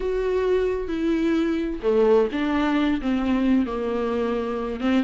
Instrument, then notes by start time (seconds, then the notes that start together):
viola
0.00 F#4
0.88 E4
1.82 A3
2.32 D4
3.01 C4
3.66 A#3
4.80 C4